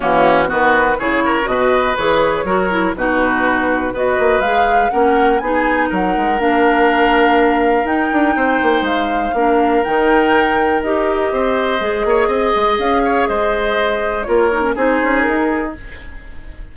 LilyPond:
<<
  \new Staff \with { instrumentName = "flute" } { \time 4/4 \tempo 4 = 122 fis'4 b'4 cis''4 dis''4 | cis''2 b'2 | dis''4 f''4 fis''4 gis''4 | fis''4 f''2. |
g''2 f''2 | g''2 dis''2~ | dis''2 f''4 dis''4~ | dis''4 cis''4 c''4 ais'4 | }
  \new Staff \with { instrumentName = "oboe" } { \time 4/4 cis'4 fis'4 gis'8 ais'8 b'4~ | b'4 ais'4 fis'2 | b'2 ais'4 gis'4 | ais'1~ |
ais'4 c''2 ais'4~ | ais'2. c''4~ | c''8 cis''8 dis''4. cis''8 c''4~ | c''4 ais'4 gis'2 | }
  \new Staff \with { instrumentName = "clarinet" } { \time 4/4 ais4 b4 e'4 fis'4 | gis'4 fis'8 e'8 dis'2 | fis'4 gis'4 cis'4 dis'4~ | dis'4 d'2. |
dis'2. d'4 | dis'2 g'2 | gis'1~ | gis'4 f'8 dis'16 cis'16 dis'2 | }
  \new Staff \with { instrumentName = "bassoon" } { \time 4/4 e4 dis4 cis4 b,4 | e4 fis4 b,2 | b8 ais8 gis4 ais4 b4 | fis8 gis8 ais2. |
dis'8 d'8 c'8 ais8 gis4 ais4 | dis2 dis'4 c'4 | gis8 ais8 c'8 gis8 cis'4 gis4~ | gis4 ais4 c'8 cis'8 dis'4 | }
>>